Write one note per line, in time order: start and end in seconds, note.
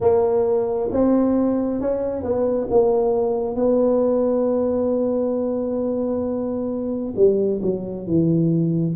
0.00 0.90 A#3
0.91 1.80 C4
1.80 2.22 C#4
2.22 2.67 B3
2.70 3.55 A#3
3.55 7.14 B3
7.16 7.60 G3
7.62 8.06 F#3
8.06 8.96 E3